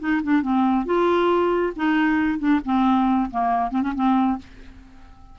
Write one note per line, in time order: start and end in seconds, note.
0.00 0.22 D#4
0.23 0.43 D4
0.43 0.86 C4
0.86 1.74 F4
1.77 2.39 D#4
2.39 2.61 D4
2.65 3.31 C4
3.31 3.71 A#3
3.71 3.82 C4
3.83 3.94 C#4
3.95 4.39 C4